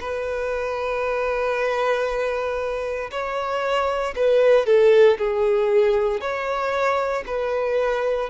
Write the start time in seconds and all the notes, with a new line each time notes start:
0.00 B4
3.11 C#5
4.16 B4
4.66 A4
5.18 G#4
6.21 C#5
7.26 B4